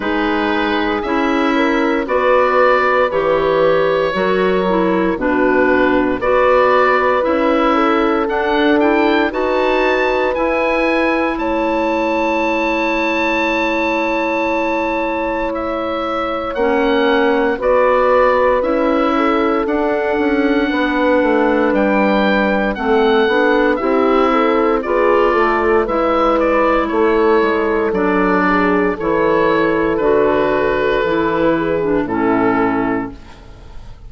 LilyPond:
<<
  \new Staff \with { instrumentName = "oboe" } { \time 4/4 \tempo 4 = 58 b'4 e''4 d''4 cis''4~ | cis''4 b'4 d''4 e''4 | fis''8 g''8 a''4 gis''4 a''4~ | a''2. e''4 |
fis''4 d''4 e''4 fis''4~ | fis''4 g''4 fis''4 e''4 | d''4 e''8 d''8 cis''4 d''4 | cis''4 b'2 a'4 | }
  \new Staff \with { instrumentName = "horn" } { \time 4/4 gis'4. ais'8 b'2 | ais'4 fis'4 b'4. a'8~ | a'4 b'2 cis''4~ | cis''1~ |
cis''4 b'4. a'4. | b'2 a'4 g'8 a'8 | gis'8 a'8 b'4 a'4. gis'8 | a'2~ a'8 gis'8 e'4 | }
  \new Staff \with { instrumentName = "clarinet" } { \time 4/4 dis'4 e'4 fis'4 g'4 | fis'8 e'8 d'4 fis'4 e'4 | d'8 e'8 fis'4 e'2~ | e'1 |
cis'4 fis'4 e'4 d'4~ | d'2 c'8 d'8 e'4 | f'4 e'2 d'4 | e'4 fis'4 e'8. d'16 cis'4 | }
  \new Staff \with { instrumentName = "bassoon" } { \time 4/4 gis4 cis'4 b4 e4 | fis4 b,4 b4 cis'4 | d'4 dis'4 e'4 a4~ | a1 |
ais4 b4 cis'4 d'8 cis'8 | b8 a8 g4 a8 b8 c'4 | b8 a8 gis4 a8 gis8 fis4 | e4 d4 e4 a,4 | }
>>